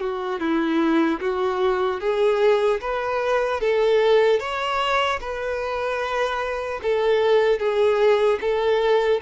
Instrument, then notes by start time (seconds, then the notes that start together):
violin
0.00 F#4
0.40 E4
1.20 F#4
2.00 G#4
2.81 B4
3.60 A4
4.40 C#5
5.20 B4
6.83 A4
7.59 G#4
8.41 A4